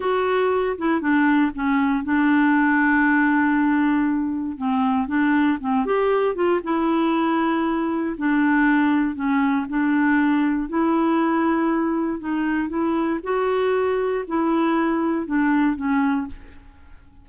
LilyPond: \new Staff \with { instrumentName = "clarinet" } { \time 4/4 \tempo 4 = 118 fis'4. e'8 d'4 cis'4 | d'1~ | d'4 c'4 d'4 c'8 g'8~ | g'8 f'8 e'2. |
d'2 cis'4 d'4~ | d'4 e'2. | dis'4 e'4 fis'2 | e'2 d'4 cis'4 | }